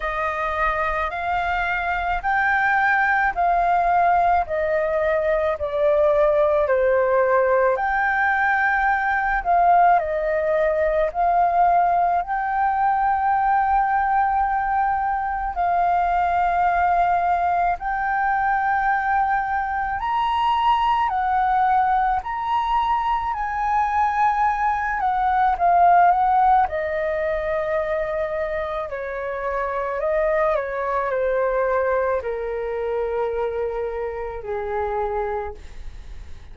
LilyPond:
\new Staff \with { instrumentName = "flute" } { \time 4/4 \tempo 4 = 54 dis''4 f''4 g''4 f''4 | dis''4 d''4 c''4 g''4~ | g''8 f''8 dis''4 f''4 g''4~ | g''2 f''2 |
g''2 ais''4 fis''4 | ais''4 gis''4. fis''8 f''8 fis''8 | dis''2 cis''4 dis''8 cis''8 | c''4 ais'2 gis'4 | }